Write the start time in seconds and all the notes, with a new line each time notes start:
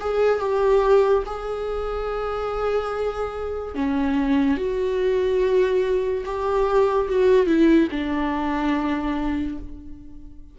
0.00 G#4
0.39 G4
1.26 G#4
3.75 C#4
4.57 F#4
6.25 G4
7.09 F#4
7.46 E4
7.91 D4